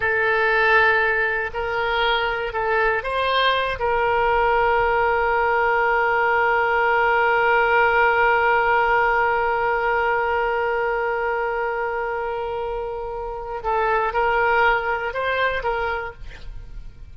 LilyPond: \new Staff \with { instrumentName = "oboe" } { \time 4/4 \tempo 4 = 119 a'2. ais'4~ | ais'4 a'4 c''4. ais'8~ | ais'1~ | ais'1~ |
ais'1~ | ais'1~ | ais'2. a'4 | ais'2 c''4 ais'4 | }